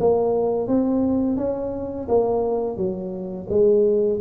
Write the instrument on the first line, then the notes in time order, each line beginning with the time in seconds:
tuba
0.00 A#3
0.68 C4
1.37 C#4
2.08 A#3
2.77 F#3
3.49 G#3